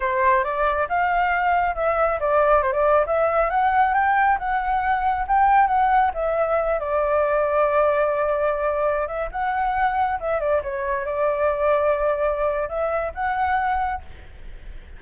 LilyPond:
\new Staff \with { instrumentName = "flute" } { \time 4/4 \tempo 4 = 137 c''4 d''4 f''2 | e''4 d''4 c''16 d''8. e''4 | fis''4 g''4 fis''2 | g''4 fis''4 e''4. d''8~ |
d''1~ | d''8. e''8 fis''2 e''8 d''16~ | d''16 cis''4 d''2~ d''8.~ | d''4 e''4 fis''2 | }